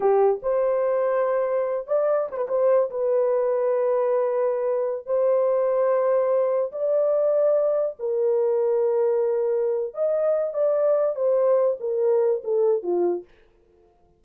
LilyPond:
\new Staff \with { instrumentName = "horn" } { \time 4/4 \tempo 4 = 145 g'4 c''2.~ | c''8 d''4 c''16 b'16 c''4 b'4~ | b'1~ | b'16 c''2.~ c''8.~ |
c''16 d''2. ais'8.~ | ais'1 | dis''4. d''4. c''4~ | c''8 ais'4. a'4 f'4 | }